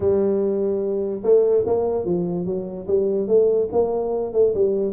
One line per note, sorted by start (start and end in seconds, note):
0.00 1.22 G3
1.23 1.64 A3
1.66 2.05 A#3
2.05 2.45 F3
2.45 2.87 F#3
2.87 3.27 G3
3.27 3.68 A3
3.72 4.33 A#3
4.33 4.53 A3
4.54 4.92 G3